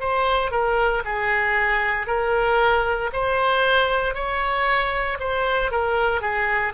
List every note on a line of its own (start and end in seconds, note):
0.00 0.51 C5
0.51 1.03 A#4
1.05 2.07 G#4
2.07 3.10 A#4
3.13 4.15 C5
4.15 5.18 C#5
5.20 5.71 C5
5.71 6.21 A#4
6.21 6.73 G#4